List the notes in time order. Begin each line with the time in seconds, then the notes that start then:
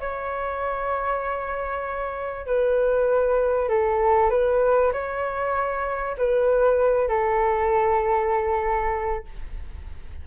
0.00 C#5
2.47 B4
3.69 A4
4.30 B4
4.93 C#5
6.17 B4
7.09 A4